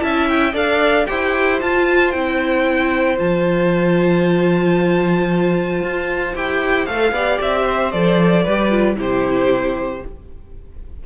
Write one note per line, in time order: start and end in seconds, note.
0.00 0.54 C#4
0.00 0.53 E4
0.00 0.53 E5
0.00 0.27 A5
0.29 0.55 G5
0.53 1.07 D4
0.53 1.06 A4
0.53 1.06 D5
0.53 1.07 F5
1.07 1.62 E4
1.07 1.61 G4
1.07 7.13 C5
1.07 1.60 G5
1.61 2.13 F4
1.61 2.14 F4
1.61 2.11 A5
2.11 3.20 C4
2.11 3.18 E4
2.11 3.16 G5
3.18 5.83 F3
3.18 6.33 F4
3.18 6.35 A5
5.83 6.35 F4
6.35 6.88 E4
6.35 6.87 G4
6.35 6.86 G5
6.86 7.12 A3
6.86 7.14 A4
6.86 7.39 F5
7.12 7.38 B3
7.12 7.93 G4
7.12 7.66 D5
7.41 7.94 C4
7.41 7.92 E5
7.66 8.44 C5
7.92 8.46 F3
7.92 8.46 A4
7.92 8.97 D5
8.44 8.97 G3
8.44 8.71 G4
8.44 8.96 B4
8.71 8.96 F4
8.96 10.02 C3
8.96 10.01 E4
8.96 10.03 G4
8.96 10.06 C5